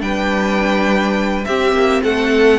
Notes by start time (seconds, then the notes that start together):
0.00 G3 D4 B4 G5
1.45 C4 G4 E5
1.72 A#3
2.04 A3 A4 F#5